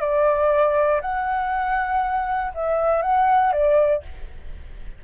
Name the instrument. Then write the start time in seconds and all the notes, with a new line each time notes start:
flute
0.00 D5
1.01 F#5
2.54 E5
3.02 F#5
3.52 D5